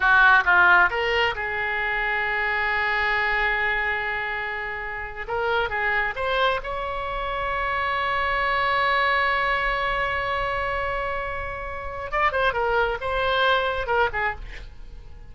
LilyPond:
\new Staff \with { instrumentName = "oboe" } { \time 4/4 \tempo 4 = 134 fis'4 f'4 ais'4 gis'4~ | gis'1~ | gis'2.~ gis'8. ais'16~ | ais'8. gis'4 c''4 cis''4~ cis''16~ |
cis''1~ | cis''1~ | cis''2. d''8 c''8 | ais'4 c''2 ais'8 gis'8 | }